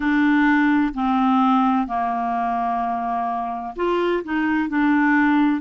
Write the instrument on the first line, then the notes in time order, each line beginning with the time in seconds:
clarinet
0.00 D4
0.94 C4
1.87 A#3
3.76 F4
4.24 D#4
4.69 D4